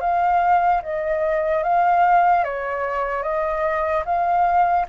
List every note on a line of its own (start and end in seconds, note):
0.00 0.81 F5
0.82 1.63 D#5
1.63 2.44 F5
2.44 3.22 C#5
3.22 4.04 D#5
4.05 4.86 F5